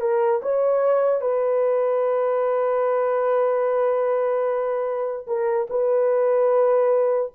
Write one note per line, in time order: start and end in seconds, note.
0.00 0.41 A#4
0.42 1.21 C#5
1.21 5.26 B4
5.26 5.67 A#4
5.69 7.31 B4